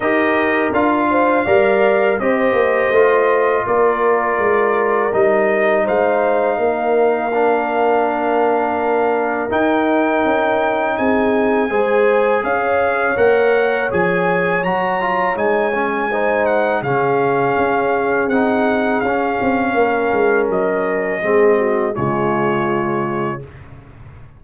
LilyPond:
<<
  \new Staff \with { instrumentName = "trumpet" } { \time 4/4 \tempo 4 = 82 dis''4 f''2 dis''4~ | dis''4 d''2 dis''4 | f''1~ | f''4 g''2 gis''4~ |
gis''4 f''4 fis''4 gis''4 | ais''4 gis''4. fis''8 f''4~ | f''4 fis''4 f''2 | dis''2 cis''2 | }
  \new Staff \with { instrumentName = "horn" } { \time 4/4 ais'4. c''8 d''4 c''4~ | c''4 ais'2. | c''4 ais'2.~ | ais'2. gis'4 |
c''4 cis''2.~ | cis''2 c''4 gis'4~ | gis'2. ais'4~ | ais'4 gis'8 fis'8 f'2 | }
  \new Staff \with { instrumentName = "trombone" } { \time 4/4 g'4 f'4 ais'4 g'4 | f'2. dis'4~ | dis'2 d'2~ | d'4 dis'2. |
gis'2 ais'4 gis'4 | fis'8 f'8 dis'8 cis'8 dis'4 cis'4~ | cis'4 dis'4 cis'2~ | cis'4 c'4 gis2 | }
  \new Staff \with { instrumentName = "tuba" } { \time 4/4 dis'4 d'4 g4 c'8 ais8 | a4 ais4 gis4 g4 | gis4 ais2.~ | ais4 dis'4 cis'4 c'4 |
gis4 cis'4 ais4 f4 | fis4 gis2 cis4 | cis'4 c'4 cis'8 c'8 ais8 gis8 | fis4 gis4 cis2 | }
>>